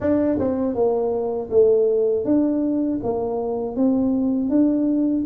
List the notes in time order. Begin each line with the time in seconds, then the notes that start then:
0.00 D4
0.39 C4
0.74 A#3
1.50 A3
2.25 D4
3.03 A#3
3.75 C4
4.49 D4